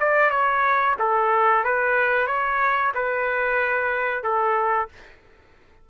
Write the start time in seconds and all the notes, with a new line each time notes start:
0.00 D5
0.30 C#5
0.99 A4
1.65 B4
2.27 C#5
2.95 B4
4.23 A4